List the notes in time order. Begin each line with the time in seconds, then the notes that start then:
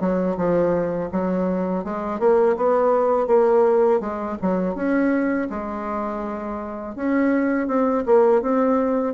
0.00 F#3
0.37 F3
1.12 F#3
1.84 G#3
2.19 A#3
2.56 B3
3.27 A#3
4.00 G#3
4.42 F#3
4.75 C#4
5.50 G#3
6.95 C#4
7.67 C4
8.06 A#3
8.42 C4